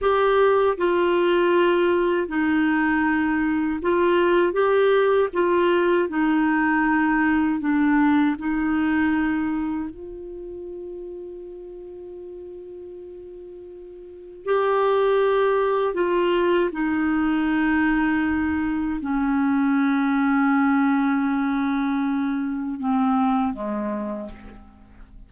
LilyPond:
\new Staff \with { instrumentName = "clarinet" } { \time 4/4 \tempo 4 = 79 g'4 f'2 dis'4~ | dis'4 f'4 g'4 f'4 | dis'2 d'4 dis'4~ | dis'4 f'2.~ |
f'2. g'4~ | g'4 f'4 dis'2~ | dis'4 cis'2.~ | cis'2 c'4 gis4 | }